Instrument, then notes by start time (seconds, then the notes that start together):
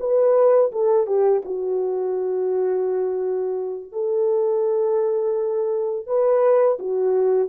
horn
0.00 B4
0.72 A4
1.07 G4
1.45 F#4
3.92 A4
6.06 B4
6.79 F#4